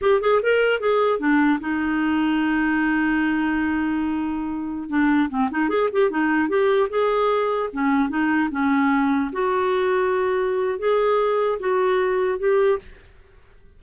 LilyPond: \new Staff \with { instrumentName = "clarinet" } { \time 4/4 \tempo 4 = 150 g'8 gis'8 ais'4 gis'4 d'4 | dis'1~ | dis'1~ | dis'16 d'4 c'8 dis'8 gis'8 g'8 dis'8.~ |
dis'16 g'4 gis'2 cis'8.~ | cis'16 dis'4 cis'2 fis'8.~ | fis'2. gis'4~ | gis'4 fis'2 g'4 | }